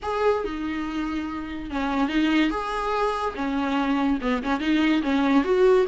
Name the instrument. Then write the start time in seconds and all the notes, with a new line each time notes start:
viola
0.02 G#4
0.44 D#4
1.70 C#4
2.08 D#4
2.50 G#4
3.35 C#4
4.21 B3
4.43 C#4
4.59 D#4
5.02 C#4
5.44 F#4